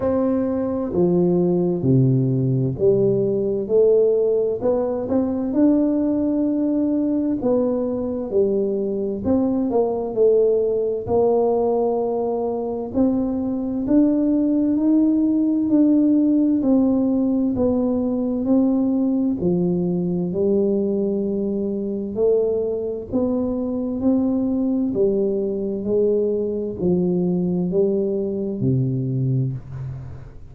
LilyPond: \new Staff \with { instrumentName = "tuba" } { \time 4/4 \tempo 4 = 65 c'4 f4 c4 g4 | a4 b8 c'8 d'2 | b4 g4 c'8 ais8 a4 | ais2 c'4 d'4 |
dis'4 d'4 c'4 b4 | c'4 f4 g2 | a4 b4 c'4 g4 | gis4 f4 g4 c4 | }